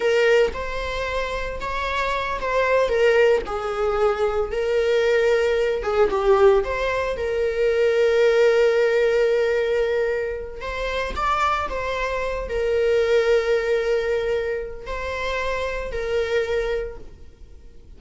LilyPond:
\new Staff \with { instrumentName = "viola" } { \time 4/4 \tempo 4 = 113 ais'4 c''2 cis''4~ | cis''8 c''4 ais'4 gis'4.~ | gis'8 ais'2~ ais'8 gis'8 g'8~ | g'8 c''4 ais'2~ ais'8~ |
ais'1 | c''4 d''4 c''4. ais'8~ | ais'1 | c''2 ais'2 | }